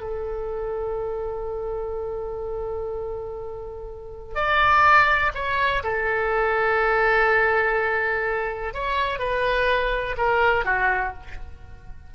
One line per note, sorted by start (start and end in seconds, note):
0.00 4.35 A4
4.35 5.31 D5
5.34 5.82 C#5
5.83 8.73 A4
8.74 9.19 C#5
9.19 10.15 B4
10.17 10.65 A#4
10.65 11.13 F#4